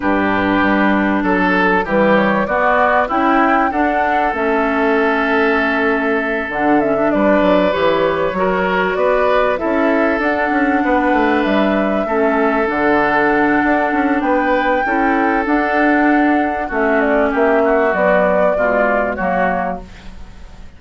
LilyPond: <<
  \new Staff \with { instrumentName = "flute" } { \time 4/4 \tempo 4 = 97 b'2 a'4 b'8 cis''8 | d''4 g''4 fis''4 e''4~ | e''2~ e''8 fis''8 e''8 d''8~ | d''8 cis''2 d''4 e''8~ |
e''8 fis''2 e''4.~ | e''8 fis''2~ fis''8 g''4~ | g''4 fis''2 e''8 d''8 | e''4 d''2 cis''4 | }
  \new Staff \with { instrumentName = "oboe" } { \time 4/4 g'2 a'4 g'4 | fis'4 e'4 a'2~ | a'2.~ a'8 b'8~ | b'4. ais'4 b'4 a'8~ |
a'4. b'2 a'8~ | a'2. b'4 | a'2. fis'4 | g'8 fis'4. f'4 fis'4 | }
  \new Staff \with { instrumentName = "clarinet" } { \time 4/4 d'2. g4 | b4 e'4 d'4 cis'4~ | cis'2~ cis'8 d'8 cis'16 d'8.~ | d'8 g'4 fis'2 e'8~ |
e'8 d'2. cis'8~ | cis'8 d'2.~ d'8 | e'4 d'2 cis'4~ | cis'4 fis4 gis4 ais4 | }
  \new Staff \with { instrumentName = "bassoon" } { \time 4/4 g,4 g4 fis4 e4 | b4 cis'4 d'4 a4~ | a2~ a8 d4 g8 | fis8 e4 fis4 b4 cis'8~ |
cis'8 d'8 cis'8 b8 a8 g4 a8~ | a8 d4. d'8 cis'8 b4 | cis'4 d'2 a4 | ais4 b4 b,4 fis4 | }
>>